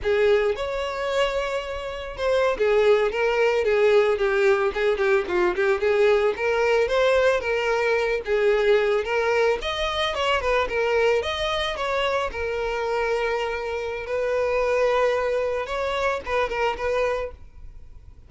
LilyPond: \new Staff \with { instrumentName = "violin" } { \time 4/4 \tempo 4 = 111 gis'4 cis''2. | c''8. gis'4 ais'4 gis'4 g'16~ | g'8. gis'8 g'8 f'8 g'8 gis'4 ais'16~ | ais'8. c''4 ais'4. gis'8.~ |
gis'8. ais'4 dis''4 cis''8 b'8 ais'16~ | ais'8. dis''4 cis''4 ais'4~ ais'16~ | ais'2 b'2~ | b'4 cis''4 b'8 ais'8 b'4 | }